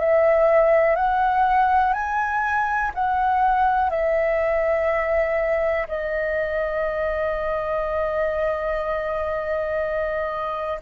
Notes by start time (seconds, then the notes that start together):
0.00 E5
0.96 F#5
1.94 G#5
2.95 F#5
3.90 E5
5.89 D#5